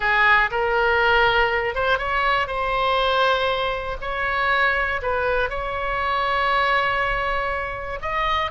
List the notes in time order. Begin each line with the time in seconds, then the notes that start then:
0.00 G#4
0.50 A#4
1.74 C5
1.98 C#5
2.47 C5
4.01 C#5
5.02 B4
5.49 C#5
8.01 D#5